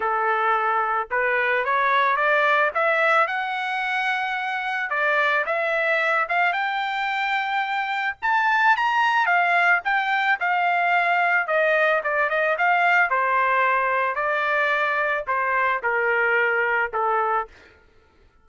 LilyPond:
\new Staff \with { instrumentName = "trumpet" } { \time 4/4 \tempo 4 = 110 a'2 b'4 cis''4 | d''4 e''4 fis''2~ | fis''4 d''4 e''4. f''8 | g''2. a''4 |
ais''4 f''4 g''4 f''4~ | f''4 dis''4 d''8 dis''8 f''4 | c''2 d''2 | c''4 ais'2 a'4 | }